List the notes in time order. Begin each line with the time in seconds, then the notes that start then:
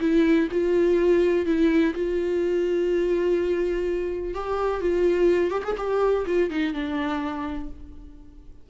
0.00 E4
0.51 F4
1.45 E4
1.94 F4
4.34 G4
4.81 F4
5.50 G4
5.64 G#4
5.77 G4
6.26 F4
6.50 D#4
6.73 D4